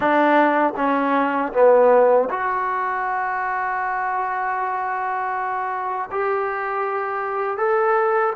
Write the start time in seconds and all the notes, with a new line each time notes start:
0.00 D4
0.76 C#4
1.52 B3
2.30 F#4
6.11 G4
7.57 A4